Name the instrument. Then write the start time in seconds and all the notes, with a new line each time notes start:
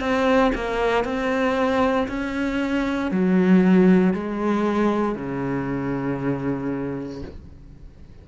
cello
0.00 C4
0.55 A#3
1.04 C4
2.08 C#4
3.11 F#3
4.13 G#3
5.15 C#3